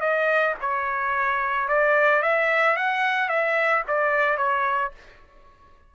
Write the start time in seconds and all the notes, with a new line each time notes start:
0.00 D#5
0.61 C#5
1.68 D5
2.22 E5
2.76 F#5
3.29 E5
3.88 D5
4.37 C#5